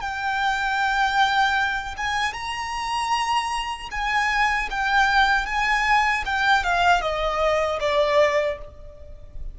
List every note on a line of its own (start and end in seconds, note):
0.00 1.95 G5
1.97 2.33 G#5
2.33 3.89 A#5
3.91 4.69 G#5
4.70 5.45 G5
5.45 6.23 G#5
6.26 6.63 G5
6.63 7.01 F5
7.01 7.79 D#5
7.80 8.57 D5